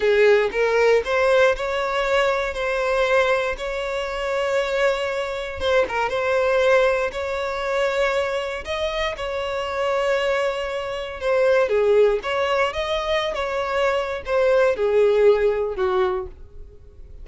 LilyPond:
\new Staff \with { instrumentName = "violin" } { \time 4/4 \tempo 4 = 118 gis'4 ais'4 c''4 cis''4~ | cis''4 c''2 cis''4~ | cis''2. c''8 ais'8 | c''2 cis''2~ |
cis''4 dis''4 cis''2~ | cis''2 c''4 gis'4 | cis''4 dis''4~ dis''16 cis''4.~ cis''16 | c''4 gis'2 fis'4 | }